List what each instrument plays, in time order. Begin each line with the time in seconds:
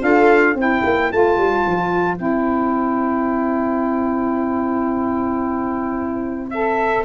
0.00 tuba D4, saxophone F4, viola A4, trumpet F5
0.55 tuba C4, saxophone E4, viola C5, trumpet G5
0.85 tuba A#3
1.12 tuba A3, saxophone F4, trumpet A5
1.38 tuba G3
1.67 tuba F3
2.17 tuba C4, saxophone E4, trumpet G5
6.50 saxophone A4, trumpet E5